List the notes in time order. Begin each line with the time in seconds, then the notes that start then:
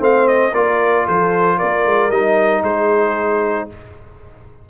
0.00 A3 C4 C5 F5
0.28 D#5
0.53 A#3 F4 A#4 D5
1.06 F3 A4 C5
1.58 A#3 A#4 D5
1.86 G#3
2.10 G3 D#4 D#5
2.63 G#3 G#4 C5